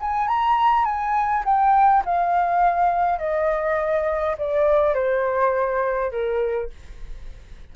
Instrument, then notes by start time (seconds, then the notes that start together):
flute
0.00 G#5
0.27 A#5
0.84 G#5
1.44 G5
2.05 F5
3.18 D#5
4.38 D5
4.94 C5
6.11 A#4